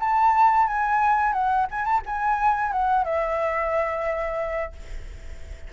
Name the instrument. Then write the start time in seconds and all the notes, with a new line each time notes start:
flute
0.00 A5
0.67 G#5
1.33 F#5
1.71 G#5
1.85 A5
2.06 G#5
2.72 F#5
3.05 E5